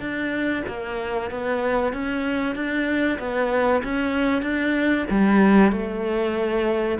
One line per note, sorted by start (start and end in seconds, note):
0.00 0.63 D4
0.68 1.31 A#3
1.31 1.93 B3
1.93 2.56 C#4
2.56 3.19 D4
3.19 3.82 B3
3.84 4.43 C#4
4.43 5.06 D4
5.10 5.72 G3
5.72 6.98 A3